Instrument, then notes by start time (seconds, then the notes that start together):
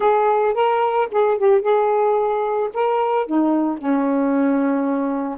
saxophone
0.00 G#4
0.54 A#4
1.11 G#4
1.37 G4
1.61 G#4
2.73 A#4
3.26 D#4
3.78 C#4